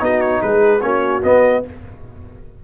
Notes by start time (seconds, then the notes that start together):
0.00 B3 D#4 F#4 D#5
0.21 C#5
0.42 G#3 G#4 B4
0.81 A#3 C#4 F#4 C#5
1.23 B3 D#5